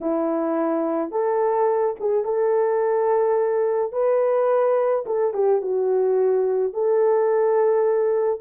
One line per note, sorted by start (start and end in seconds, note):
0.00 1.11 E4
1.11 1.95 A4
2.00 2.24 G#4
2.24 3.92 A4
3.92 5.04 B4
5.05 5.33 A4
5.33 5.61 G4
5.61 6.73 F#4
6.73 8.40 A4